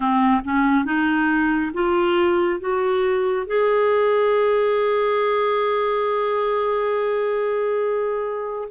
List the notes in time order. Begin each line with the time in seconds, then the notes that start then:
0.00 C4
0.44 C#4
0.84 D#4
1.73 F4
2.59 F#4
3.46 G#4